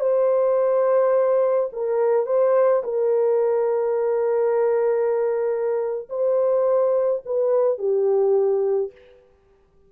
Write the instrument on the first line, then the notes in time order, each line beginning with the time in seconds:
horn
0.00 C5
1.73 A#4
2.26 C5
2.83 A#4
6.10 C5
7.25 B4
7.78 G4